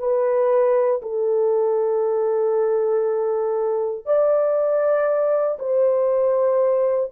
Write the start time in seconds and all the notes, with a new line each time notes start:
0.00 B4
1.03 A4
4.06 D5
5.59 C5